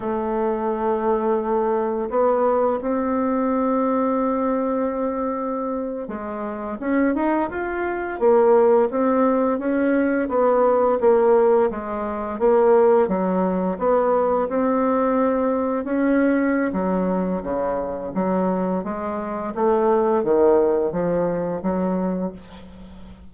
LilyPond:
\new Staff \with { instrumentName = "bassoon" } { \time 4/4 \tempo 4 = 86 a2. b4 | c'1~ | c'8. gis4 cis'8 dis'8 f'4 ais16~ | ais8. c'4 cis'4 b4 ais16~ |
ais8. gis4 ais4 fis4 b16~ | b8. c'2 cis'4~ cis'16 | fis4 cis4 fis4 gis4 | a4 dis4 f4 fis4 | }